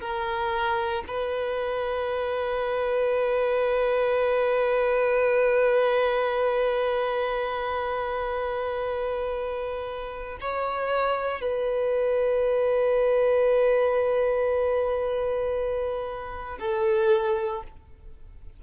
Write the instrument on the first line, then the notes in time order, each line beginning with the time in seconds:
violin
0.00 A#4
1.07 B4
10.40 C#5
11.41 B4
16.59 A4